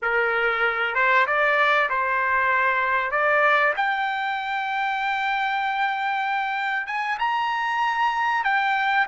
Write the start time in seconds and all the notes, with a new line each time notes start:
0.02 A#4
0.94 C5
1.26 D5
1.89 C5
3.11 D5
3.76 G5
6.86 G#5
7.18 A#5
8.43 G5